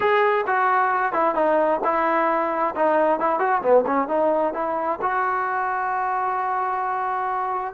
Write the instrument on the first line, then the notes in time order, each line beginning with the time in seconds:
trombone
0.00 G#4
0.46 F#4
1.13 E4
1.34 D#4
1.83 E4
2.75 D#4
3.19 E4
3.39 F#4
3.61 B3
3.86 C#4
4.08 D#4
4.53 E4
5.01 F#4